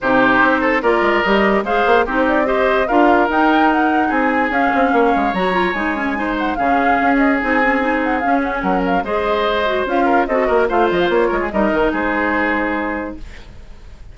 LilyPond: <<
  \new Staff \with { instrumentName = "flute" } { \time 4/4 \tempo 4 = 146 c''2 d''4 dis''4 | f''4 c''8 d''8 dis''4 f''4 | g''4 fis''4 gis''4 f''4~ | f''4 ais''4 gis''4. fis''8 |
f''4. dis''8 gis''4. fis''8 | f''8 fis''16 gis''16 fis''8 f''8 dis''2 | f''4 dis''4 f''8 dis''16 f''16 cis''4 | dis''4 c''2. | }
  \new Staff \with { instrumentName = "oboe" } { \time 4/4 g'4. a'8 ais'2 | c''4 g'4 c''4 ais'4~ | ais'2 gis'2 | cis''2. c''4 |
gis'1~ | gis'4 ais'4 c''2~ | c''8 ais'8 a'8 ais'8 c''4. ais'16 gis'16 | ais'4 gis'2. | }
  \new Staff \with { instrumentName = "clarinet" } { \time 4/4 dis'2 f'4 g'4 | gis'4 dis'4 g'4 f'4 | dis'2. cis'4~ | cis'4 fis'8 f'8 dis'8 cis'8 dis'4 |
cis'2 dis'8 cis'8 dis'4 | cis'2 gis'4. fis'8 | f'4 fis'4 f'2 | dis'1 | }
  \new Staff \with { instrumentName = "bassoon" } { \time 4/4 c4 c'4 ais8 gis8 g4 | gis8 ais8 c'2 d'4 | dis'2 c'4 cis'8 c'8 | ais8 gis8 fis4 gis2 |
cis4 cis'4 c'2 | cis'4 fis4 gis2 | cis'4 c'8 ais8 a8 f8 ais8 gis8 | g8 dis8 gis2. | }
>>